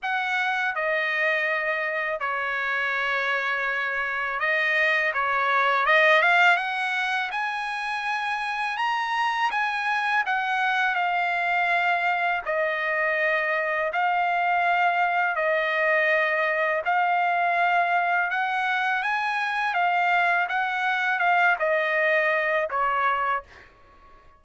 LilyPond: \new Staff \with { instrumentName = "trumpet" } { \time 4/4 \tempo 4 = 82 fis''4 dis''2 cis''4~ | cis''2 dis''4 cis''4 | dis''8 f''8 fis''4 gis''2 | ais''4 gis''4 fis''4 f''4~ |
f''4 dis''2 f''4~ | f''4 dis''2 f''4~ | f''4 fis''4 gis''4 f''4 | fis''4 f''8 dis''4. cis''4 | }